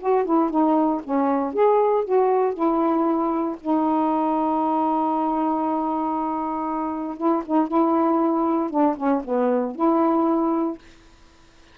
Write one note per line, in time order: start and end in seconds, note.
0.00 0.25 F#4
0.25 0.50 E4
0.50 1.01 D#4
1.04 1.53 C#4
1.53 2.04 G#4
2.04 2.54 F#4
2.54 3.56 E4
3.61 7.17 D#4
7.17 7.43 E4
7.46 7.68 D#4
7.68 8.70 E4
8.70 8.96 D4
8.97 9.22 C#4
9.24 9.76 B3
9.76 10.78 E4